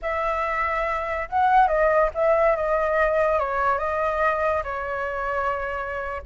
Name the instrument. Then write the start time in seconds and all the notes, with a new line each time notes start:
flute
0.02 E5
1.29 F#5
1.67 D#5
2.14 E5
2.56 D#5
3.39 C#5
3.78 D#5
4.63 C#5